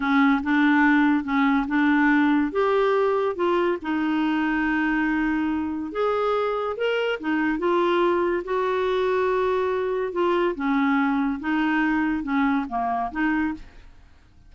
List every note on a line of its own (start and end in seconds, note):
0.00 0.41 C#4
0.43 1.23 D4
1.23 1.66 C#4
1.67 2.51 D4
2.51 3.35 G4
3.35 3.77 F4
3.82 5.92 D#4
5.92 6.76 G#4
6.76 7.19 A#4
7.20 7.58 D#4
7.58 8.43 F4
8.44 10.12 F#4
10.12 10.54 F4
10.55 11.39 C#4
11.40 12.23 D#4
12.23 12.65 C#4
12.69 13.11 A#3
13.11 13.53 D#4